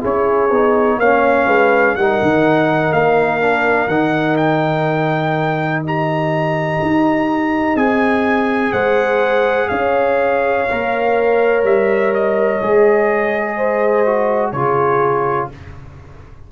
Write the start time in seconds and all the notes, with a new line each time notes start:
0.00 C#4 E4 G#4 C#5
0.50 B3 D#4
0.97 A#3 C#4 C#5 F5
1.46 G#3 B4
1.95 G3 D#4 A#4 F#5
2.22 D#3
2.92 A#3 F5
3.40 D4
3.87 D#3 D#4 F#5
4.36 G5
5.81 G4 D#5 A#5
6.81 D#4
7.75 C4 G#4 G#5
8.72 G#3 C5 F#5
9.68 C#4 C#5 F5
10.71 A#3 A#4
11.63 G3 E5
12.14 D#5
12.61 G#3 G#4
13.56 C5
14.05 F#4
14.51 C#3 F4 G#4 C#5